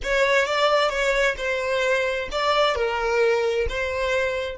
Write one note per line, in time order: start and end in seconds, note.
0.03 0.45 C#5
0.45 0.89 D5
0.89 1.35 C#5
1.37 2.28 C5
2.31 2.75 D5
2.75 3.66 A#4
3.69 4.57 C5